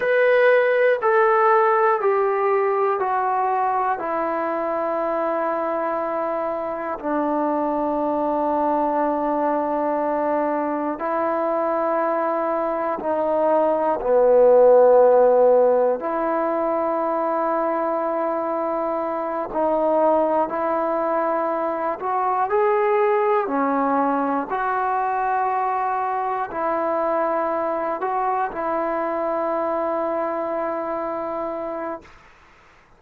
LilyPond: \new Staff \with { instrumentName = "trombone" } { \time 4/4 \tempo 4 = 60 b'4 a'4 g'4 fis'4 | e'2. d'4~ | d'2. e'4~ | e'4 dis'4 b2 |
e'2.~ e'8 dis'8~ | dis'8 e'4. fis'8 gis'4 cis'8~ | cis'8 fis'2 e'4. | fis'8 e'2.~ e'8 | }